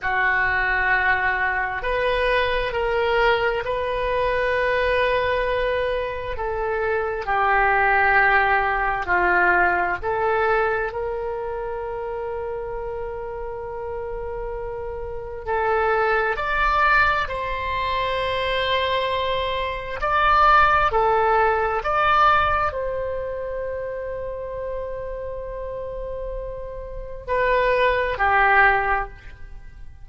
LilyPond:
\new Staff \with { instrumentName = "oboe" } { \time 4/4 \tempo 4 = 66 fis'2 b'4 ais'4 | b'2. a'4 | g'2 f'4 a'4 | ais'1~ |
ais'4 a'4 d''4 c''4~ | c''2 d''4 a'4 | d''4 c''2.~ | c''2 b'4 g'4 | }